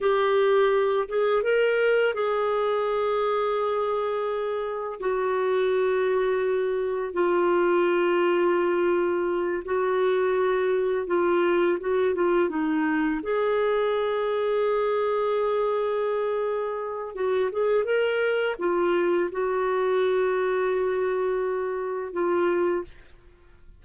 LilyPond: \new Staff \with { instrumentName = "clarinet" } { \time 4/4 \tempo 4 = 84 g'4. gis'8 ais'4 gis'4~ | gis'2. fis'4~ | fis'2 f'2~ | f'4. fis'2 f'8~ |
f'8 fis'8 f'8 dis'4 gis'4.~ | gis'1 | fis'8 gis'8 ais'4 f'4 fis'4~ | fis'2. f'4 | }